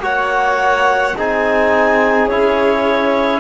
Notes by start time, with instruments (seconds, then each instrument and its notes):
0.00 cello A#3, trombone F#4, violin C#5, clarinet F#5
1.18 cello C4, trombone D#4, violin G#4, clarinet G#5
2.28 cello C#4, trombone E4, clarinet C#5